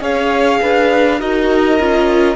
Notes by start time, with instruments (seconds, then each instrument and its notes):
0.00 cello C#4, viola G#4, violin C#5 F5
0.61 cello D4, violin B4
1.19 cello D#4, viola F#4, violin A#4 D#5
1.79 cello C#4, viola F4